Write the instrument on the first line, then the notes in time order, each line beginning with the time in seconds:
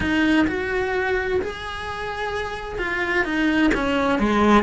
cello
0.00 D#4
0.47 F#4
1.41 G#4
2.78 F4
3.24 D#4
3.74 C#4
4.19 G#3